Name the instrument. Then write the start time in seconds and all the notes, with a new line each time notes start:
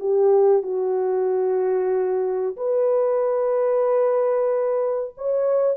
horn
0.00 G4
0.62 F#4
2.57 B4
5.17 C#5